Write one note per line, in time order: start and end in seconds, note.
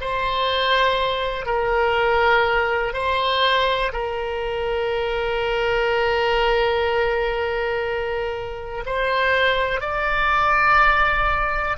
0.00 1.45 C5
1.45 2.93 A#4
2.93 3.91 C5
3.92 8.84 A#4
8.85 9.80 C5
9.80 11.77 D5